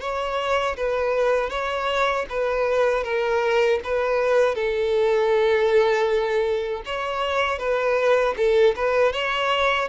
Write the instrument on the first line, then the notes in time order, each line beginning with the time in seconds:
violin
0.00 C#5
0.76 B4
1.49 C#5
2.29 B4
3.03 A#4
3.84 B4
4.55 A4
6.85 C#5
7.58 B4
8.37 A4
8.76 B4
9.12 C#5